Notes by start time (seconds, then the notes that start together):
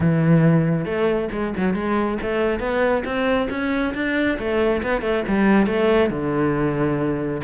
0.00 E3
0.85 A3
1.32 G#3
1.57 F#3
1.74 G#3
2.21 A3
2.59 B3
3.04 C4
3.50 C#4
3.94 D4
4.38 A3
4.82 B3
5.01 A3
5.27 G3
5.66 A3
6.10 D3